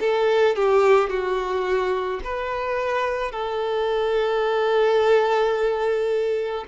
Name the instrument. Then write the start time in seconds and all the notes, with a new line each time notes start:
violin
0.00 A4
0.56 G4
1.10 F#4
2.24 B4
3.31 A4